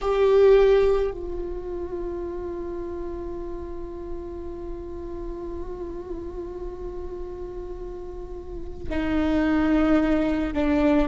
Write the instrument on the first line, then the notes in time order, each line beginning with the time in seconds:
viola
0.01 G4
1.11 F4
8.89 D#4
10.53 D4